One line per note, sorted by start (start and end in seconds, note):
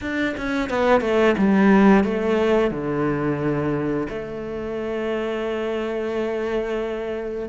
0.01 0.35 D4
0.37 0.69 C#4
0.69 1.00 B3
1.00 1.35 A3
1.37 2.03 G3
2.03 2.71 A3
2.71 4.07 D3
4.09 7.48 A3